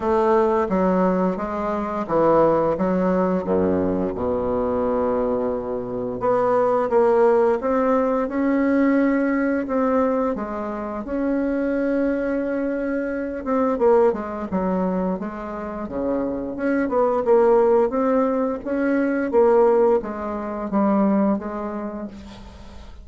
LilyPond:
\new Staff \with { instrumentName = "bassoon" } { \time 4/4 \tempo 4 = 87 a4 fis4 gis4 e4 | fis4 fis,4 b,2~ | b,4 b4 ais4 c'4 | cis'2 c'4 gis4 |
cis'2.~ cis'8 c'8 | ais8 gis8 fis4 gis4 cis4 | cis'8 b8 ais4 c'4 cis'4 | ais4 gis4 g4 gis4 | }